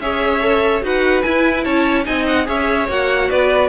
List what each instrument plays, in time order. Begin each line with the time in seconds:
0.00 cello C#4, viola G#4, violin C#5 E5
0.41 viola A4
0.82 cello D#4, viola F#4, violin B4 F#5
1.23 viola E4, cello E4, violin G#5
1.64 cello C#4, violin C#5 A5
2.05 cello C4, viola D#4, violin D#5 G#5
2.27 violin F#5
2.45 cello C#4, viola G#4, violin C#5 E5
2.89 cello A#3, viola F#4, violin F#5
3.29 cello B3, violin B4 D5